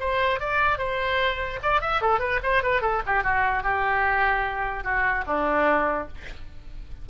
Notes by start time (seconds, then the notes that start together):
0.00 C5
0.40 D5
0.79 C5
1.63 D5
1.81 E5
2.02 A4
2.20 B4
2.43 C5
2.63 B4
2.82 A4
3.06 G4
3.24 F#4
3.63 G4
4.84 F#4
5.27 D4